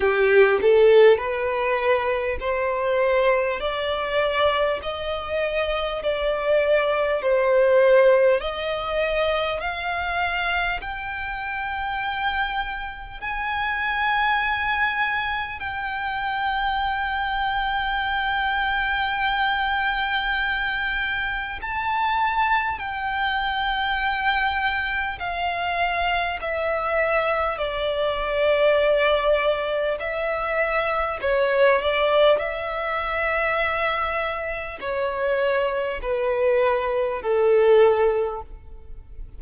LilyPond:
\new Staff \with { instrumentName = "violin" } { \time 4/4 \tempo 4 = 50 g'8 a'8 b'4 c''4 d''4 | dis''4 d''4 c''4 dis''4 | f''4 g''2 gis''4~ | gis''4 g''2.~ |
g''2 a''4 g''4~ | g''4 f''4 e''4 d''4~ | d''4 e''4 cis''8 d''8 e''4~ | e''4 cis''4 b'4 a'4 | }